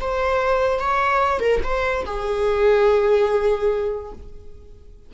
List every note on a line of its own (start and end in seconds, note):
0.00 0.79 C5
0.79 1.40 C#5
1.40 1.60 A#4
1.63 2.05 C5
2.05 4.12 G#4